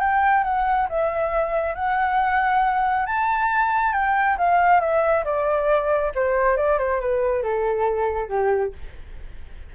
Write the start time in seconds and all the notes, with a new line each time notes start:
0.00 G5
0.44 F#5
0.89 E5
1.75 F#5
3.06 A5
3.93 G5
4.38 F5
4.80 E5
5.24 D5
6.15 C5
6.57 D5
6.78 C5
7.00 B4
7.43 A4
8.29 G4